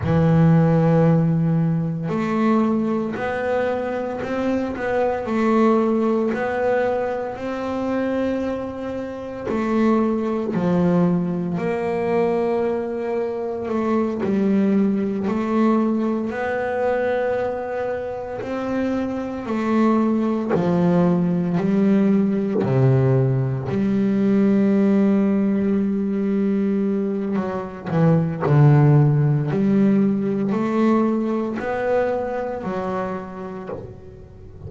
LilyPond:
\new Staff \with { instrumentName = "double bass" } { \time 4/4 \tempo 4 = 57 e2 a4 b4 | c'8 b8 a4 b4 c'4~ | c'4 a4 f4 ais4~ | ais4 a8 g4 a4 b8~ |
b4. c'4 a4 f8~ | f8 g4 c4 g4.~ | g2 fis8 e8 d4 | g4 a4 b4 fis4 | }